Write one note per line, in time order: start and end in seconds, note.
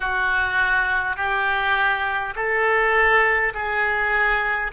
0.00 1.16 F#4
1.16 2.34 G4
2.35 3.53 A4
3.53 4.71 G#4